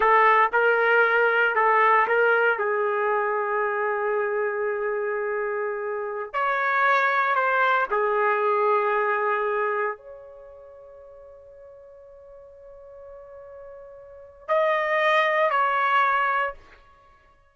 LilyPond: \new Staff \with { instrumentName = "trumpet" } { \time 4/4 \tempo 4 = 116 a'4 ais'2 a'4 | ais'4 gis'2.~ | gis'1~ | gis'16 cis''2 c''4 gis'8.~ |
gis'2.~ gis'16 cis''8.~ | cis''1~ | cis''1 | dis''2 cis''2 | }